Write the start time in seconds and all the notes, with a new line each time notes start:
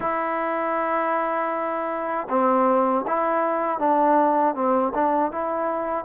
0.00 E4
2.29 C4
3.07 E4
3.78 D4
4.54 C4
4.94 D4
5.31 E4